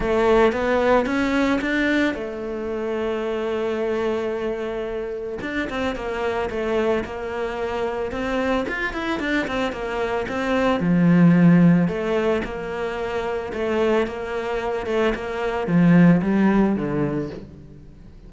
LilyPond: \new Staff \with { instrumentName = "cello" } { \time 4/4 \tempo 4 = 111 a4 b4 cis'4 d'4 | a1~ | a2 d'8 c'8 ais4 | a4 ais2 c'4 |
f'8 e'8 d'8 c'8 ais4 c'4 | f2 a4 ais4~ | ais4 a4 ais4. a8 | ais4 f4 g4 d4 | }